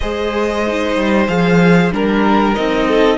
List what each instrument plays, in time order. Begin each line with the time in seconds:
0.00 cello G#3, viola G#4, violin C5 D#5
0.66 viola D#4
0.95 cello G3
1.27 cello F3, viola G#4, violin F5
1.91 cello G3, viola D4, violin A#4
2.55 cello C4, viola D#4, violin D#5
2.88 violin A4